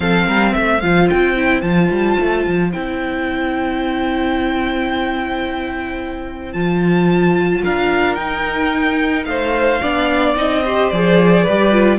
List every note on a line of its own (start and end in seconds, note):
0.00 0.27 F3
0.00 0.81 C4
0.00 0.26 A4
0.00 0.53 F5
0.26 0.54 G3
0.26 0.53 A#4
0.53 0.82 A3
0.53 7.62 C5
0.53 0.80 E5
0.80 1.09 F3
0.80 1.36 F4
0.80 1.07 F5
1.09 1.61 C4
1.09 1.61 G5
1.36 1.62 E4
1.61 1.89 F3
1.61 2.71 F4
1.61 2.70 A5
1.90 2.17 G3
2.19 2.46 A3
2.46 2.74 F3
2.72 6.53 C4
2.72 6.54 E4
2.72 6.52 G5
6.52 7.62 F3
6.52 8.17 F4
6.52 7.61 A5
7.63 8.18 D4
7.63 9.26 A#4
7.63 8.14 F5
8.14 9.80 D#4
8.14 9.26 D#4
8.14 9.24 G5
9.25 9.80 A3
9.25 9.81 C5
9.25 10.34 F5
9.81 10.36 B3
9.81 10.35 D4
9.81 10.63 D5
10.35 10.90 C4
10.35 10.62 D#4
10.35 10.89 D#5
10.63 10.93 G4
10.63 11.43 C5
10.89 11.46 F3
10.89 11.48 G#4
10.89 11.98 D5
11.43 11.98 G3
11.43 11.71 G4
11.43 11.98 B4
11.71 11.98 F4